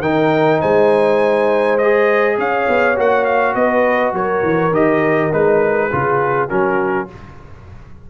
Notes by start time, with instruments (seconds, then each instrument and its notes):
0.00 tuba D#3, trombone D#4, horn A#4, trumpet G5
0.61 tuba G#3, horn C5, trumpet G#5
1.78 trombone G#4, trumpet D#5
2.38 tuba C#4, horn C#5, trumpet F5
2.68 tuba B3
2.96 tuba A#3, trombone F#4, trumpet F#5
3.25 trumpet F5
3.55 tuba B3, horn B4, trumpet D#5
4.13 tuba F#3, horn A#4, trumpet C#5
4.43 tuba E3
4.71 tuba D#3, trombone G4, trumpet D#5
5.31 tuba G#3, trombone D#4, trumpet B4
5.91 tuba C#3, trombone F4, horn G#4
6.48 tuba F#3, trombone C#4, horn F#4, trumpet A#4